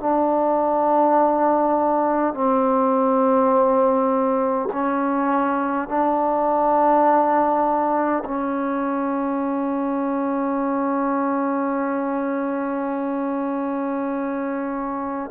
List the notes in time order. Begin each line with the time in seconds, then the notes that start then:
0.00 D4
2.34 C4
4.73 C#4
5.88 D4
8.25 C#4